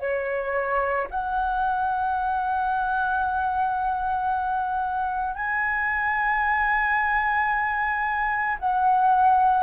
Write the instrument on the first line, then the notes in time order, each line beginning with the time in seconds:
flute
0.00 C#5
1.11 F#5
5.35 G#5
8.59 F#5